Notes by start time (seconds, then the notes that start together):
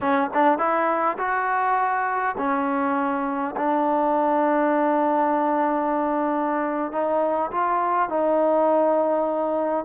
0.00 C#4
0.34 D4
0.58 E4
1.18 F#4
2.37 C#4
3.56 D4
6.92 D#4
7.51 F4
8.09 D#4